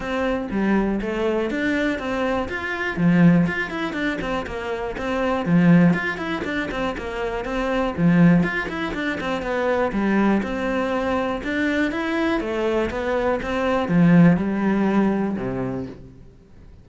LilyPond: \new Staff \with { instrumentName = "cello" } { \time 4/4 \tempo 4 = 121 c'4 g4 a4 d'4 | c'4 f'4 f4 f'8 e'8 | d'8 c'8 ais4 c'4 f4 | f'8 e'8 d'8 c'8 ais4 c'4 |
f4 f'8 e'8 d'8 c'8 b4 | g4 c'2 d'4 | e'4 a4 b4 c'4 | f4 g2 c4 | }